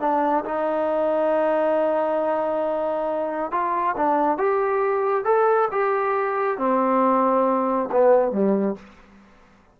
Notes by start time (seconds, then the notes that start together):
0.00 D4
0.45 D#4
3.51 F4
3.96 D4
4.37 G4
5.24 A4
5.71 G4
6.58 C4
7.91 B3
8.31 G3